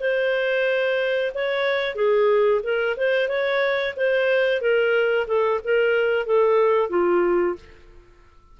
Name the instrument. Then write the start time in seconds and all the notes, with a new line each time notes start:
clarinet
0.00 C5
1.34 C#5
1.95 G#4
2.63 A#4
2.97 C5
3.28 C#5
3.97 C5
4.61 A#4
5.27 A4
5.64 A#4
6.26 A4
6.90 F4